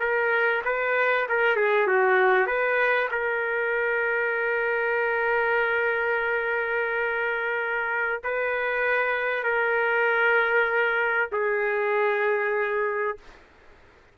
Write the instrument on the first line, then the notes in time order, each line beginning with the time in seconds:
trumpet
0.00 A#4
0.65 B4
1.29 A#4
1.56 G#4
1.87 F#4
2.47 B4
3.11 A#4
8.24 B4
9.44 A#4
11.32 G#4